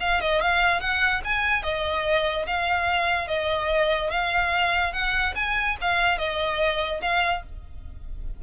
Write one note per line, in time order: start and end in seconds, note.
0.00 0.21 F5
0.21 0.41 D#5
0.41 0.80 F5
0.80 1.22 F#5
1.24 1.63 G#5
1.63 2.46 D#5
2.47 3.27 F5
3.27 4.10 D#5
4.10 4.93 F5
4.93 5.34 F#5
5.35 5.77 G#5
5.81 6.18 F5
6.18 7.01 D#5
7.01 7.43 F5